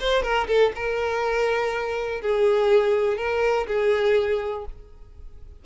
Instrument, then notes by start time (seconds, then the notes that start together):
violin
0.00 C5
0.23 A#4
0.48 A4
0.76 A#4
2.22 G#4
3.18 A#4
3.67 G#4